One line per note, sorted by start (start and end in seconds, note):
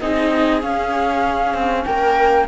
0.00 0.63 C4
0.00 0.61 D#4
0.00 1.87 G#4
0.00 0.62 D#5
0.61 2.47 C#4
0.61 1.54 C#4
0.61 1.85 F5
1.54 1.85 C4
1.85 2.49 A#3
1.85 2.49 A#4
1.85 2.47 G5